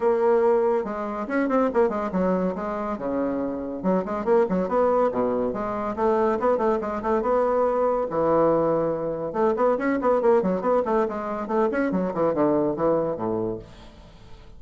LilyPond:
\new Staff \with { instrumentName = "bassoon" } { \time 4/4 \tempo 4 = 141 ais2 gis4 cis'8 c'8 | ais8 gis8 fis4 gis4 cis4~ | cis4 fis8 gis8 ais8 fis8 b4 | b,4 gis4 a4 b8 a8 |
gis8 a8 b2 e4~ | e2 a8 b8 cis'8 b8 | ais8 fis8 b8 a8 gis4 a8 cis'8 | fis8 e8 d4 e4 a,4 | }